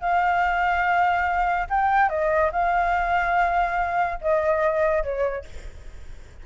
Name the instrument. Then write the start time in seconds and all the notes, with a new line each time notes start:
flute
0.00 F5
1.70 G5
2.09 D#5
2.52 F5
4.21 D#5
5.03 C#5